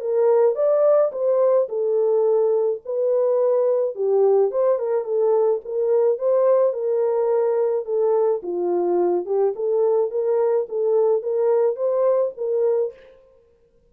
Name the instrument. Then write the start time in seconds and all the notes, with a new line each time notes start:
horn
0.00 A#4
0.55 D5
1.12 C5
1.68 A4
2.85 B4
3.95 G4
4.51 C5
4.79 A#4
5.04 A4
5.64 A#4
6.18 C5
6.73 A#4
7.85 A4
8.43 F4
9.25 G4
9.55 A4
10.10 A#4
10.69 A4
11.22 A#4
11.76 C5
12.37 A#4